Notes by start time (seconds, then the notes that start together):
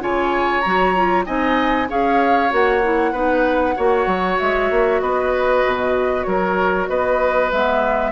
0.00 C#3 F4 C#5 G#5
0.61 F#3 F#4 A#5
0.95 F4
1.25 C4 D#4 D#5 G#5
1.88 C#4 G#4 C#5 F5
2.50 A#3 F#4 F#5
2.83 E4
3.12 B3 D#4 B4
3.76 A#3 F#4 C#5
4.06 F#3
4.38 G#3 E5
4.70 A#3
5.00 B3 B4 D#5
5.65 B2
6.23 F#3 A#4 C#5
6.88 B3 B4 D#5
7.51 G#3 B3 E5